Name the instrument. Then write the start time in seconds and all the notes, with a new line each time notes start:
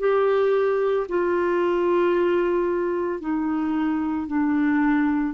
clarinet
0.00 G4
1.09 F4
3.20 D#4
4.28 D4